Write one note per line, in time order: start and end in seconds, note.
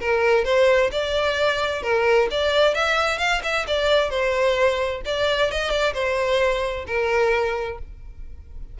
0.00 0.45 A#4
0.45 0.90 C5
0.92 1.83 D5
1.83 2.28 A#4
2.31 2.75 D5
2.75 3.19 E5
3.19 3.42 F5
3.43 3.66 E5
3.67 4.10 D5
4.10 5.02 C5
5.05 5.51 D5
5.51 5.70 D#5
5.70 5.93 D5
5.94 6.86 C5
6.87 7.79 A#4